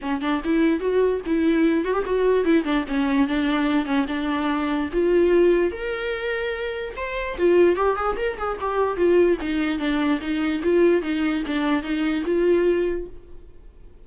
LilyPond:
\new Staff \with { instrumentName = "viola" } { \time 4/4 \tempo 4 = 147 cis'8 d'8 e'4 fis'4 e'4~ | e'8 fis'16 g'16 fis'4 e'8 d'8 cis'4 | d'4. cis'8 d'2 | f'2 ais'2~ |
ais'4 c''4 f'4 g'8 gis'8 | ais'8 gis'8 g'4 f'4 dis'4 | d'4 dis'4 f'4 dis'4 | d'4 dis'4 f'2 | }